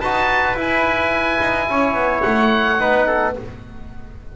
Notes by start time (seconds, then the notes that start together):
0.00 D#4 F#4 B4 A5
0.55 E4 G#5
1.41 D#4
1.70 C#4 C#5
1.94 B3
2.22 A3 F#5
2.79 B3 D#4 B4
3.07 A4